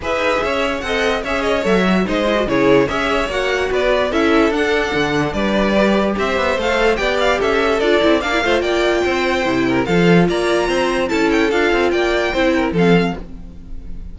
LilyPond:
<<
  \new Staff \with { instrumentName = "violin" } { \time 4/4 \tempo 4 = 146 e''2 fis''4 e''8 dis''8 | e''4 dis''4 cis''4 e''4 | fis''4 d''4 e''4 fis''4~ | fis''4 d''2 e''4 |
f''4 g''8 f''8 e''4 d''4 | f''4 g''2. | f''4 ais''2 a''8 g''8 | f''4 g''2 f''4 | }
  \new Staff \with { instrumentName = "violin" } { \time 4/4 b'4 cis''4 dis''4 cis''4~ | cis''4 c''4 gis'4 cis''4~ | cis''4 b'4 a'2~ | a'4 b'2 c''4~ |
c''4 d''4 a'2 | d''8 c''8 d''4 c''4. ais'8 | a'4 d''4 c''4 a'4~ | a'4 d''4 c''8 ais'8 a'4 | }
  \new Staff \with { instrumentName = "viola" } { \time 4/4 gis'2 a'4 gis'4 | a'8 fis'8 dis'8 e'16 fis'16 e'4 gis'4 | fis'2 e'4 d'4~ | d'2 g'2 |
a'4 g'2 f'8 e'8 | d'16 e'16 f'2~ f'8 e'4 | f'2. e'4 | f'2 e'4 c'4 | }
  \new Staff \with { instrumentName = "cello" } { \time 4/4 e'8 dis'8 cis'4 c'4 cis'4 | fis4 gis4 cis4 cis'4 | ais4 b4 cis'4 d'4 | d4 g2 c'8 b8 |
a4 b4 cis'4 d'8 c'8 | ais8 a8 ais4 c'4 c4 | f4 ais4 c'4 cis'4 | d'8 c'8 ais4 c'4 f4 | }
>>